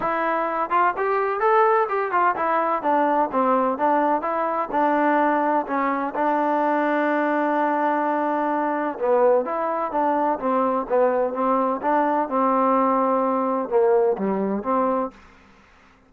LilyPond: \new Staff \with { instrumentName = "trombone" } { \time 4/4 \tempo 4 = 127 e'4. f'8 g'4 a'4 | g'8 f'8 e'4 d'4 c'4 | d'4 e'4 d'2 | cis'4 d'2.~ |
d'2. b4 | e'4 d'4 c'4 b4 | c'4 d'4 c'2~ | c'4 ais4 g4 c'4 | }